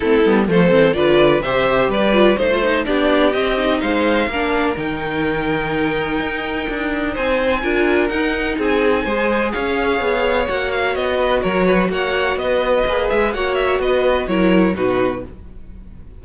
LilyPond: <<
  \new Staff \with { instrumentName = "violin" } { \time 4/4 \tempo 4 = 126 a'4 c''4 d''4 e''4 | d''4 c''4 d''4 dis''4 | f''2 g''2~ | g''2. gis''4~ |
gis''4 fis''4 gis''2 | f''2 fis''8 f''8 dis''4 | cis''4 fis''4 dis''4. e''8 | fis''8 e''8 dis''4 cis''4 b'4 | }
  \new Staff \with { instrumentName = "violin" } { \time 4/4 e'4 a'4 b'4 c''4 | b'4 c''4 g'2 | c''4 ais'2.~ | ais'2. c''4 |
ais'2 gis'4 c''4 | cis''2.~ cis''8 b'8 | ais'8 b'8 cis''4 b'2 | cis''4 b'4 ais'4 fis'4 | }
  \new Staff \with { instrumentName = "viola" } { \time 4/4 c'8 b8 a8 c'8 f'4 g'4~ | g'8 f'8 dis'16 f'16 dis'8 d'4 c'8 dis'8~ | dis'4 d'4 dis'2~ | dis'1 |
f'4 dis'2 gis'4~ | gis'2 fis'2~ | fis'2. gis'4 | fis'2 e'4 dis'4 | }
  \new Staff \with { instrumentName = "cello" } { \time 4/4 a8 g8 f8 e8 d4 c4 | g4 a4 b4 c'4 | gis4 ais4 dis2~ | dis4 dis'4 d'4 c'4 |
d'4 dis'4 c'4 gis4 | cis'4 b4 ais4 b4 | fis4 ais4 b4 ais8 gis8 | ais4 b4 fis4 b,4 | }
>>